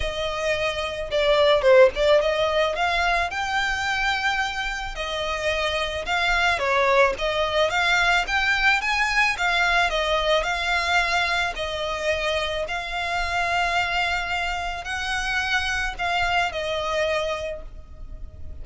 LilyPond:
\new Staff \with { instrumentName = "violin" } { \time 4/4 \tempo 4 = 109 dis''2 d''4 c''8 d''8 | dis''4 f''4 g''2~ | g''4 dis''2 f''4 | cis''4 dis''4 f''4 g''4 |
gis''4 f''4 dis''4 f''4~ | f''4 dis''2 f''4~ | f''2. fis''4~ | fis''4 f''4 dis''2 | }